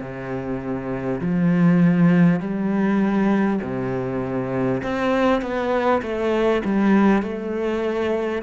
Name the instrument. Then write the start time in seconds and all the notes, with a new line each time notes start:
cello
0.00 C3
1.21 F3
2.40 G3
3.62 C3
4.83 C4
5.42 B3
6.02 A3
6.65 G3
7.22 A3